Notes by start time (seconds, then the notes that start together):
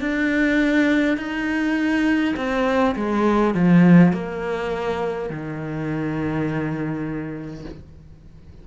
0.00 D4
1.17 D#4
2.36 C4
2.95 G#3
3.54 F3
4.12 A#3
5.29 D#3